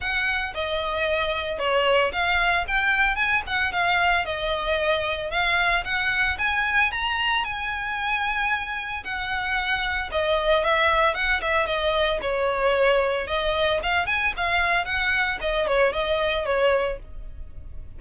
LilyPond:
\new Staff \with { instrumentName = "violin" } { \time 4/4 \tempo 4 = 113 fis''4 dis''2 cis''4 | f''4 g''4 gis''8 fis''8 f''4 | dis''2 f''4 fis''4 | gis''4 ais''4 gis''2~ |
gis''4 fis''2 dis''4 | e''4 fis''8 e''8 dis''4 cis''4~ | cis''4 dis''4 f''8 gis''8 f''4 | fis''4 dis''8 cis''8 dis''4 cis''4 | }